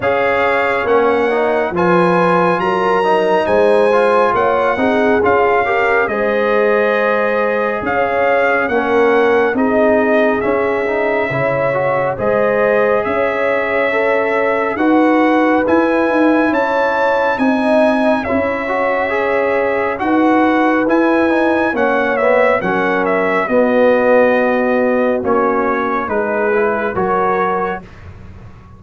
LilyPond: <<
  \new Staff \with { instrumentName = "trumpet" } { \time 4/4 \tempo 4 = 69 f''4 fis''4 gis''4 ais''4 | gis''4 fis''4 f''4 dis''4~ | dis''4 f''4 fis''4 dis''4 | e''2 dis''4 e''4~ |
e''4 fis''4 gis''4 a''4 | gis''4 e''2 fis''4 | gis''4 fis''8 e''8 fis''8 e''8 dis''4~ | dis''4 cis''4 b'4 cis''4 | }
  \new Staff \with { instrumentName = "horn" } { \time 4/4 cis''2 b'4 ais'4 | c''4 cis''8 gis'4 ais'8 c''4~ | c''4 cis''4 ais'4 gis'4~ | gis'4 cis''4 c''4 cis''4~ |
cis''4 b'2 cis''4 | dis''4 cis''2 b'4~ | b'4 cis''4 ais'4 fis'4~ | fis'2 gis'4 ais'4 | }
  \new Staff \with { instrumentName = "trombone" } { \time 4/4 gis'4 cis'8 dis'8 f'4. dis'8~ | dis'8 f'4 dis'8 f'8 g'8 gis'4~ | gis'2 cis'4 dis'4 | cis'8 dis'8 e'8 fis'8 gis'2 |
a'4 fis'4 e'2 | dis'4 e'8 fis'8 gis'4 fis'4 | e'8 dis'8 cis'8 b8 cis'4 b4~ | b4 cis'4 dis'8 e'8 fis'4 | }
  \new Staff \with { instrumentName = "tuba" } { \time 4/4 cis'4 ais4 f4 fis4 | gis4 ais8 c'8 cis'4 gis4~ | gis4 cis'4 ais4 c'4 | cis'4 cis4 gis4 cis'4~ |
cis'4 dis'4 e'8 dis'8 cis'4 | c'4 cis'2 dis'4 | e'4 ais4 fis4 b4~ | b4 ais4 gis4 fis4 | }
>>